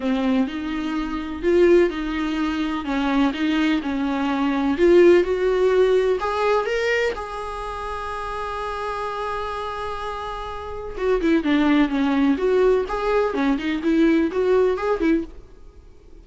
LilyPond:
\new Staff \with { instrumentName = "viola" } { \time 4/4 \tempo 4 = 126 c'4 dis'2 f'4 | dis'2 cis'4 dis'4 | cis'2 f'4 fis'4~ | fis'4 gis'4 ais'4 gis'4~ |
gis'1~ | gis'2. fis'8 e'8 | d'4 cis'4 fis'4 gis'4 | cis'8 dis'8 e'4 fis'4 gis'8 e'8 | }